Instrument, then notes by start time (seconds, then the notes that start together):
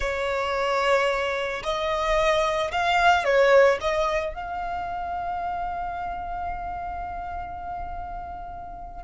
violin
0.00 C#5
1.63 D#5
2.71 F5
3.24 C#5
3.80 D#5
4.34 F5